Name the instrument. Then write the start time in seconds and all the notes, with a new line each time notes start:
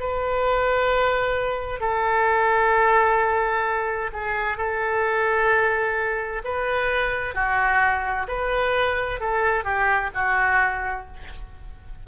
oboe
0.00 B4
1.80 A4
4.13 G#4
4.57 A4
6.44 B4
7.35 F#4
8.28 B4
9.20 A4
9.64 G4
10.14 F#4